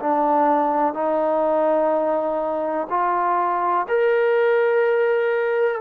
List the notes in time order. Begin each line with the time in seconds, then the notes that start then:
0.00 D4
0.94 D#4
2.90 F4
3.89 A#4